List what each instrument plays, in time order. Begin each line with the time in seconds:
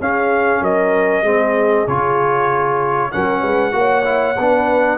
0.00 tuba C#4, trombone C#4, horn G#4, trumpet F5
0.61 tuba F#3, horn A#4, trumpet D#5
1.22 tuba G#3, trombone C4, horn G#4
1.87 tuba C#3, trombone F4, trumpet C#5
3.11 tuba F#3, trombone C#4, horn A#4, trumpet F#5
3.40 tuba G#3, horn B4
3.71 tuba A#3, trombone F#4
3.78 horn C#5
4.04 trombone E4
4.38 tuba B3, trombone D4, horn B4